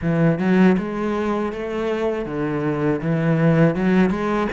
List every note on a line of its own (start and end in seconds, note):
0.01 0.39 E3
0.39 0.76 F#3
0.77 1.52 G#3
1.52 2.25 A3
2.25 3.00 D3
3.01 3.75 E3
3.75 4.10 F#3
4.10 4.47 G#3